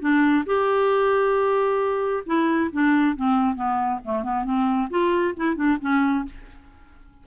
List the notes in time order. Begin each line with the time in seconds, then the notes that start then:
0.00 D4
0.46 G4
2.26 E4
2.72 D4
3.16 C4
3.55 B3
4.04 A3
4.23 B3
4.44 C4
4.90 F4
5.36 E4
5.55 D4
5.81 C#4